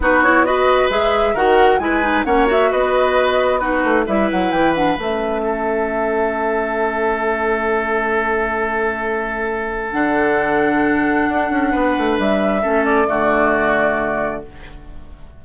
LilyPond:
<<
  \new Staff \with { instrumentName = "flute" } { \time 4/4 \tempo 4 = 133 b'8 cis''8 dis''4 e''4 fis''4 | gis''4 fis''8 e''8 dis''2 | b'4 e''8 fis''8 g''8 fis''8 e''4~ | e''1~ |
e''1~ | e''2 fis''2~ | fis''2. e''4~ | e''8 d''2.~ d''8 | }
  \new Staff \with { instrumentName = "oboe" } { \time 4/4 fis'4 b'2 ais'4 | b'4 cis''4 b'2 | fis'4 b'2. | a'1~ |
a'1~ | a'1~ | a'2 b'2 | a'4 fis'2. | }
  \new Staff \with { instrumentName = "clarinet" } { \time 4/4 dis'8 e'8 fis'4 gis'4 fis'4 | e'8 dis'8 cis'8 fis'2~ fis'8 | dis'4 e'4. d'8 cis'4~ | cis'1~ |
cis'1~ | cis'2 d'2~ | d'1 | cis'4 a2. | }
  \new Staff \with { instrumentName = "bassoon" } { \time 4/4 b2 gis4 dis4 | gis4 ais4 b2~ | b8 a8 g8 fis8 e4 a4~ | a1~ |
a1~ | a2 d2~ | d4 d'8 cis'8 b8 a8 g4 | a4 d2. | }
>>